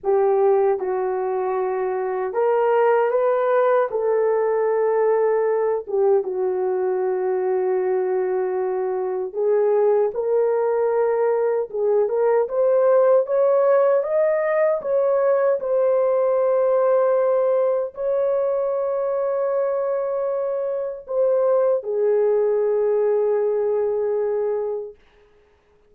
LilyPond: \new Staff \with { instrumentName = "horn" } { \time 4/4 \tempo 4 = 77 g'4 fis'2 ais'4 | b'4 a'2~ a'8 g'8 | fis'1 | gis'4 ais'2 gis'8 ais'8 |
c''4 cis''4 dis''4 cis''4 | c''2. cis''4~ | cis''2. c''4 | gis'1 | }